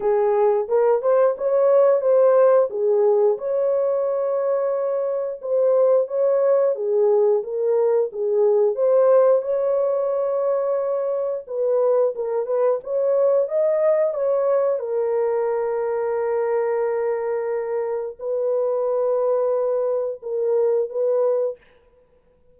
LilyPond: \new Staff \with { instrumentName = "horn" } { \time 4/4 \tempo 4 = 89 gis'4 ais'8 c''8 cis''4 c''4 | gis'4 cis''2. | c''4 cis''4 gis'4 ais'4 | gis'4 c''4 cis''2~ |
cis''4 b'4 ais'8 b'8 cis''4 | dis''4 cis''4 ais'2~ | ais'2. b'4~ | b'2 ais'4 b'4 | }